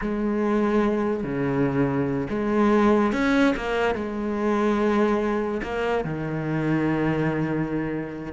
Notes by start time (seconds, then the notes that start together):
0.01 G#3
1.23 C#3
2.29 G#3
3.12 C#4
3.56 A#3
3.94 G#3
5.62 A#3
6.04 D#3